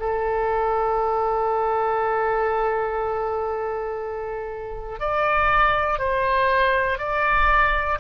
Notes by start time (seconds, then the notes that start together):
0.00 A4
5.00 D5
5.99 C5
6.99 D5